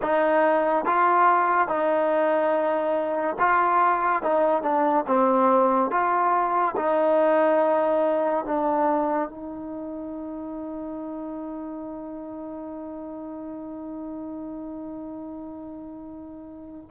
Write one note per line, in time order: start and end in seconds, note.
0.02 0.85 D#4
0.85 1.67 F4
1.67 3.36 D#4
3.39 4.23 F4
4.23 4.62 D#4
4.62 5.04 D4
5.07 5.90 C4
5.90 6.75 F4
6.76 8.45 D#4
8.45 9.29 D4
9.29 16.89 D#4